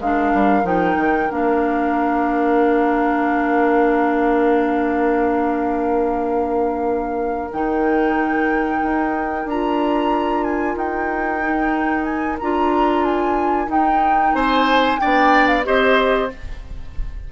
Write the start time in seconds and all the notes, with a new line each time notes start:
0.00 G#3 D4 A#4 F5
0.34 G3
0.63 F3 D#4 G5
0.96 D#3
1.30 A#3 D4 F5
7.52 D#3 D#4 G5
8.82 D#4
9.45 D4 F4 A#5
10.43 G#5
10.76 D#4 G5
11.41 D#4
12.04 G#5
12.39 D4 F4 A#5
13.04 G#5
13.67 D#4 G5
14.34 C4 C5 G#5
14.99 B3 D4 D5 G5
15.47 F5
15.64 C4 G4 C5 D#5